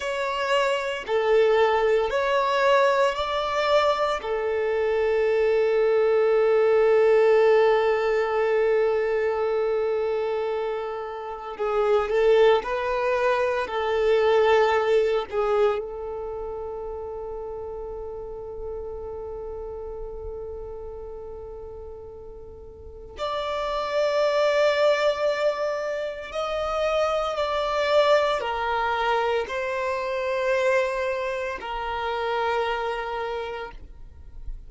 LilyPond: \new Staff \with { instrumentName = "violin" } { \time 4/4 \tempo 4 = 57 cis''4 a'4 cis''4 d''4 | a'1~ | a'2. gis'8 a'8 | b'4 a'4. gis'8 a'4~ |
a'1~ | a'2 d''2~ | d''4 dis''4 d''4 ais'4 | c''2 ais'2 | }